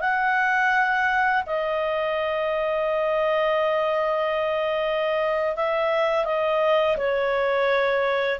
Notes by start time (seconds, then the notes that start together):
0.00 F#5
1.46 D#5
5.55 E5
6.25 D#5
6.97 C#5